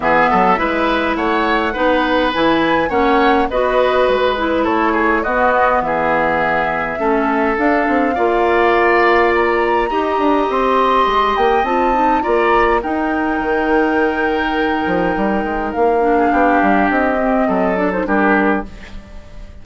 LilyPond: <<
  \new Staff \with { instrumentName = "flute" } { \time 4/4 \tempo 4 = 103 e''2 fis''2 | gis''4 fis''4 dis''4 b'4 | cis''4 dis''4 e''2~ | e''4 f''2. |
ais''2 c'''4. g''8 | a''4 ais''4 g''2~ | g''2. f''4~ | f''4 dis''4. d''16 c''16 ais'4 | }
  \new Staff \with { instrumentName = "oboe" } { \time 4/4 gis'8 a'8 b'4 cis''4 b'4~ | b'4 cis''4 b'2 | a'8 gis'8 fis'4 gis'2 | a'2 d''2~ |
d''4 dis''2.~ | dis''4 d''4 ais'2~ | ais'2.~ ais'8. gis'16 | g'2 a'4 g'4 | }
  \new Staff \with { instrumentName = "clarinet" } { \time 4/4 b4 e'2 dis'4 | e'4 cis'4 fis'4. e'8~ | e'4 b2. | cis'4 d'4 f'2~ |
f'4 g'2. | f'8 dis'8 f'4 dis'2~ | dis'2.~ dis'8 d'8~ | d'4. c'4 d'16 dis'16 d'4 | }
  \new Staff \with { instrumentName = "bassoon" } { \time 4/4 e8 fis8 gis4 a4 b4 | e4 ais4 b4 gis4 | a4 b4 e2 | a4 d'8 c'8 ais2~ |
ais4 dis'8 d'8 c'4 gis8 ais8 | c'4 ais4 dis'4 dis4~ | dis4. f8 g8 gis8 ais4 | b8 g8 c'4 fis4 g4 | }
>>